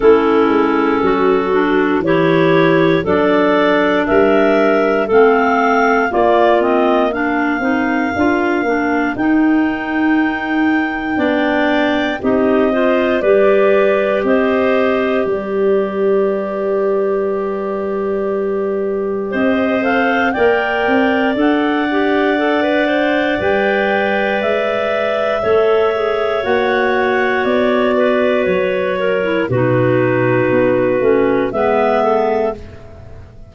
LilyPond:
<<
  \new Staff \with { instrumentName = "clarinet" } { \time 4/4 \tempo 4 = 59 a'2 cis''4 d''4 | e''4 f''4 d''8 dis''8 f''4~ | f''4 g''2. | dis''4 d''4 dis''4 d''4~ |
d''2. dis''8 f''8 | g''4 fis''2 g''4 | e''2 fis''4 d''4 | cis''4 b'2 e''4 | }
  \new Staff \with { instrumentName = "clarinet" } { \time 4/4 e'4 fis'4 g'4 a'4 | ais'4 a'4 f'4 ais'4~ | ais'2. d''4 | g'8 c''8 b'4 c''4 b'4~ |
b'2. c''4 | d''1~ | d''4 cis''2~ cis''8 b'8~ | b'8 ais'8 fis'2 b'8 a'8 | }
  \new Staff \with { instrumentName = "clarinet" } { \time 4/4 cis'4. d'8 e'4 d'4~ | d'4 c'4 ais8 c'8 d'8 dis'8 | f'8 d'8 dis'2 d'4 | dis'8 f'8 g'2.~ |
g'2.~ g'8 a'8 | ais'4 a'8 g'8 a'16 b'16 c''8 b'4~ | b'4 a'8 gis'8 fis'2~ | fis'8. e'16 dis'4. cis'8 b4 | }
  \new Staff \with { instrumentName = "tuba" } { \time 4/4 a8 gis8 fis4 e4 fis4 | g4 a4 ais4. c'8 | d'8 ais8 dis'2 b4 | c'4 g4 c'4 g4~ |
g2. c'4 | ais8 c'8 d'2 g4 | gis4 a4 ais4 b4 | fis4 b,4 b8 a8 gis4 | }
>>